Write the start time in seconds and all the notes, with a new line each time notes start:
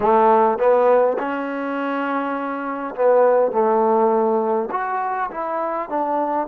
0.00 A3
0.58 B3
1.18 C#4
2.95 B3
3.51 A3
4.71 F#4
5.30 E4
5.89 D4